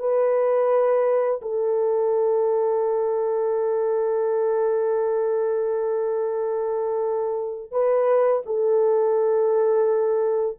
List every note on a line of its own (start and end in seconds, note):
0.00 1.41 B4
1.42 7.72 A4
7.72 8.43 B4
8.46 10.58 A4